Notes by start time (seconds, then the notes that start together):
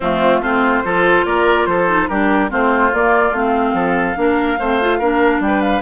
0.00 F3 A3 C4 F4
0.40 A3 C4 F4 C5
0.84 F3 F4 A4
1.25 A#3 A#4 D5
1.66 F3 A4 C5
1.87 D#4
2.08 G3 D4 G4 A#4
2.49 A3 C4 F4 C5
2.93 A#3 D5
3.31 A3 C4 F5
3.73 F3 A4
4.16 A#3 D4 A#4
4.59 A3 C4 C5
4.81 F4
4.98 A#3 D4 A#4
5.40 G3 G5
5.46 B4
5.61 F5